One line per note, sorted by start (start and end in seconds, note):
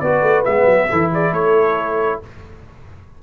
0.00 0.22 B3
0.00 0.45 F#4
0.00 0.89 B4
0.00 0.44 D5
0.22 0.44 A3
0.45 0.66 G#3
0.45 0.89 B3
0.45 1.11 E5
0.66 0.88 F#3
0.89 1.32 E3
0.89 2.23 E4
0.89 1.11 A4
1.12 1.31 G#4
1.12 1.34 D5
1.31 2.20 A3
1.31 2.19 A4
1.31 2.22 C#5